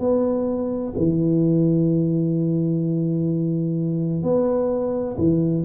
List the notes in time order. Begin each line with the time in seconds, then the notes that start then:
0.00 B3
0.97 E3
4.23 B3
5.18 E3